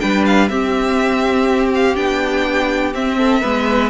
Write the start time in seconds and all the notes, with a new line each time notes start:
0.00 G3 D4 B4 G5
0.26 F5
0.48 C4 G4 E5
1.75 F5
1.95 B3 D4 G5
2.94 C4 E5
3.17 A4
3.41 G#3 B3 B4